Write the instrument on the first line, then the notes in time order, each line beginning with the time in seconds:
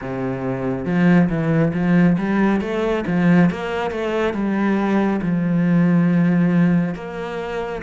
cello
0.01 C3
0.85 F3
1.28 E3
1.73 F3
2.17 G3
2.60 A3
3.06 F3
3.50 A#3
3.91 A3
4.33 G3
5.21 F3
6.94 A#3